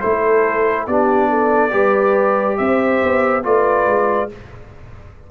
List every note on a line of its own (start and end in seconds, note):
0.00 0.87 A3
0.00 0.88 E4
0.00 0.86 A4
0.00 0.86 C5
0.87 1.72 B3
0.87 1.71 D4
0.87 1.29 G4
0.87 2.57 D5
1.29 1.72 A4
1.71 2.58 G3
1.71 3.42 G4
1.71 2.58 B4
2.57 3.02 C4
2.57 3.45 C5
2.57 3.43 E5
3.03 3.44 B3
3.43 3.86 A3
3.43 4.29 F4
3.43 4.30 B4
3.43 4.30 D5
3.86 4.29 G#3